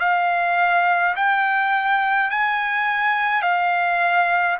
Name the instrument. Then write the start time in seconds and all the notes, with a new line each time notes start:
trumpet
0.00 F5
1.16 G5
2.31 G#5
3.42 F5